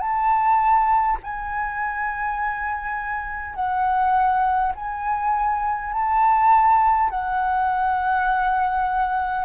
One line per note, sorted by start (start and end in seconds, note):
0.00 1.18 A5
1.24 3.55 G#5
3.55 4.72 F#5
4.75 5.93 G#5
5.93 7.10 A5
7.10 9.45 F#5